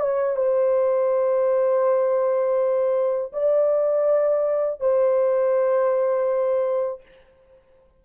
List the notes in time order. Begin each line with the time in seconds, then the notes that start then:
0.00 C#5
0.36 C5
3.33 D5
4.80 C5